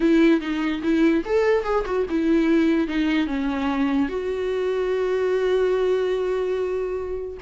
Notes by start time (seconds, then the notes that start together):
0.00 E4
0.40 D#4
0.83 E4
1.25 A4
1.64 G#4
1.85 F#4
2.09 E4
2.87 D#4
3.27 C#4
4.09 F#4